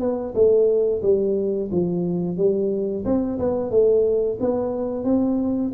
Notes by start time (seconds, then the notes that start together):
0.00 B3
0.35 A3
1.02 G3
1.72 F3
2.37 G3
3.05 C4
3.39 B3
3.71 A3
4.40 B3
5.04 C4